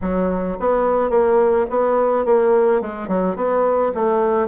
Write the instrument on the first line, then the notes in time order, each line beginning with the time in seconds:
bassoon
0.01 F#3
0.59 B3
1.10 A#3
1.70 B3
2.25 A#3
2.81 G#3
3.08 F#3
3.36 B3
3.94 A3